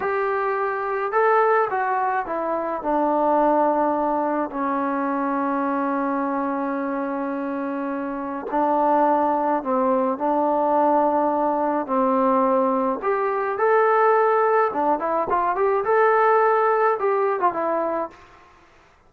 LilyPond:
\new Staff \with { instrumentName = "trombone" } { \time 4/4 \tempo 4 = 106 g'2 a'4 fis'4 | e'4 d'2. | cis'1~ | cis'2. d'4~ |
d'4 c'4 d'2~ | d'4 c'2 g'4 | a'2 d'8 e'8 f'8 g'8 | a'2 g'8. f'16 e'4 | }